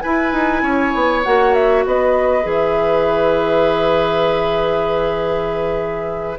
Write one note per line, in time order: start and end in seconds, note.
0.00 1.25 E4
0.00 0.32 E4
0.00 0.63 B4
0.00 1.21 G#5
0.32 0.62 D#4
0.62 0.92 C#4
0.62 1.84 C#5
0.95 1.25 B3
1.24 1.86 A#3
1.24 2.43 F#4
1.24 1.54 F#5
1.54 1.84 E5
1.86 2.45 B3
1.86 6.39 B4
1.86 2.47 D#5
2.43 6.39 E3
2.43 6.37 G#4
2.43 6.39 E5